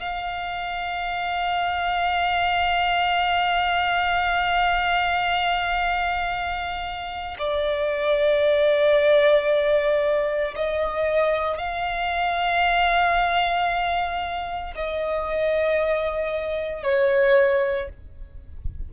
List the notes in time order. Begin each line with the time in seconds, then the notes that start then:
0.00 F5
7.39 D5
10.56 D#5
11.58 F5
14.76 D#5
16.84 C#5